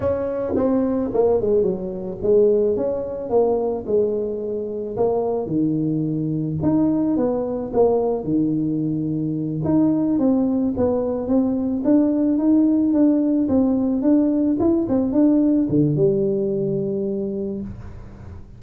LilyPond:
\new Staff \with { instrumentName = "tuba" } { \time 4/4 \tempo 4 = 109 cis'4 c'4 ais8 gis8 fis4 | gis4 cis'4 ais4 gis4~ | gis4 ais4 dis2 | dis'4 b4 ais4 dis4~ |
dis4. dis'4 c'4 b8~ | b8 c'4 d'4 dis'4 d'8~ | d'8 c'4 d'4 e'8 c'8 d'8~ | d'8 d8 g2. | }